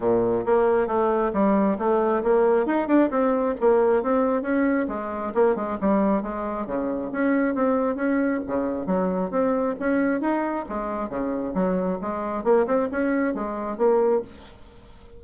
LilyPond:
\new Staff \with { instrumentName = "bassoon" } { \time 4/4 \tempo 4 = 135 ais,4 ais4 a4 g4 | a4 ais4 dis'8 d'8 c'4 | ais4 c'4 cis'4 gis4 | ais8 gis8 g4 gis4 cis4 |
cis'4 c'4 cis'4 cis4 | fis4 c'4 cis'4 dis'4 | gis4 cis4 fis4 gis4 | ais8 c'8 cis'4 gis4 ais4 | }